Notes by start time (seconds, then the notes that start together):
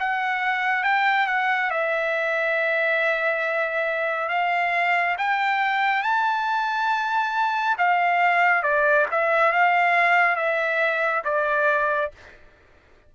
0.00 F#5
0.84 G5
1.27 F#5
1.71 E5
4.29 F5
5.19 G5
6.03 A5
7.79 F5
8.63 D5
9.11 E5
9.53 F5
10.36 E5
11.25 D5